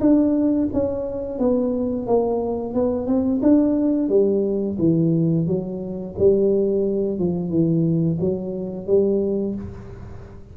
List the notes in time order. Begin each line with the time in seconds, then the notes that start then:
0.00 D4
0.73 C#4
1.39 B3
2.07 A#3
2.74 B3
3.07 C4
3.42 D4
4.09 G3
4.79 E3
5.47 F#3
6.18 G3
7.19 F3
7.50 E3
8.20 F#3
8.87 G3